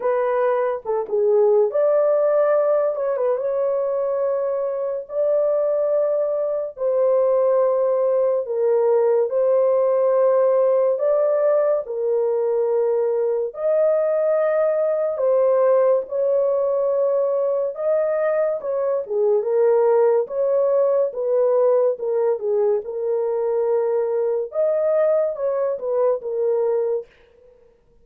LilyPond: \new Staff \with { instrumentName = "horn" } { \time 4/4 \tempo 4 = 71 b'4 a'16 gis'8. d''4. cis''16 b'16 | cis''2 d''2 | c''2 ais'4 c''4~ | c''4 d''4 ais'2 |
dis''2 c''4 cis''4~ | cis''4 dis''4 cis''8 gis'8 ais'4 | cis''4 b'4 ais'8 gis'8 ais'4~ | ais'4 dis''4 cis''8 b'8 ais'4 | }